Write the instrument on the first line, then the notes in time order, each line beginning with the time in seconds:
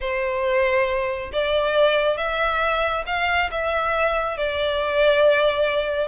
violin
0.01 C5
1.32 D5
2.17 E5
3.06 F5
3.51 E5
4.37 D5